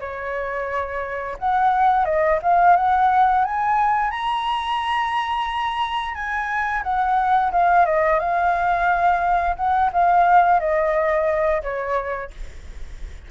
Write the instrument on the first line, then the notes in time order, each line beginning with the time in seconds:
flute
0.00 C#5
1.39 F#5
2.05 D#5
2.42 F5
2.76 F#5
3.44 G#5
4.11 A#5
6.15 G#5
6.83 F#5
7.52 F5
7.85 D#5
8.19 F5
9.56 F#5
9.92 F5
10.60 D#5
11.62 C#5